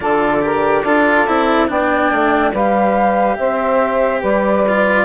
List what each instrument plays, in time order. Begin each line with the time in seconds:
0.00 bassoon D3, cello F4, saxophone A4, flute D5
0.41 cello G4, saxophone A#4
0.83 bassoon D4, cello F4, saxophone A4
1.27 bassoon C4, cello E4
1.67 bassoon B3, cello D4, saxophone D5, flute G5
2.11 bassoon A3
2.52 bassoon G3, cello G4, saxophone B4, flute F5
3.36 bassoon C4, saxophone C5, flute E5
4.20 bassoon G3, saxophone B4, flute D5
4.68 cello F4